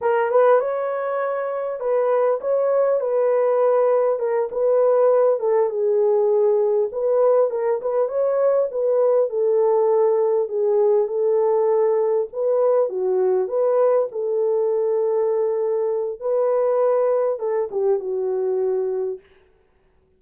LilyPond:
\new Staff \with { instrumentName = "horn" } { \time 4/4 \tempo 4 = 100 ais'8 b'8 cis''2 b'4 | cis''4 b'2 ais'8 b'8~ | b'4 a'8 gis'2 b'8~ | b'8 ais'8 b'8 cis''4 b'4 a'8~ |
a'4. gis'4 a'4.~ | a'8 b'4 fis'4 b'4 a'8~ | a'2. b'4~ | b'4 a'8 g'8 fis'2 | }